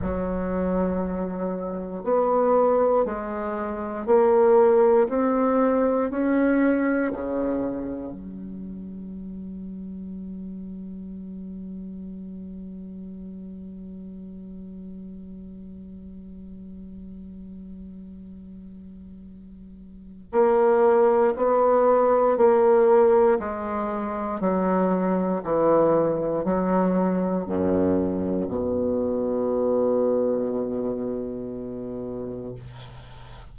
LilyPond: \new Staff \with { instrumentName = "bassoon" } { \time 4/4 \tempo 4 = 59 fis2 b4 gis4 | ais4 c'4 cis'4 cis4 | fis1~ | fis1~ |
fis1 | ais4 b4 ais4 gis4 | fis4 e4 fis4 fis,4 | b,1 | }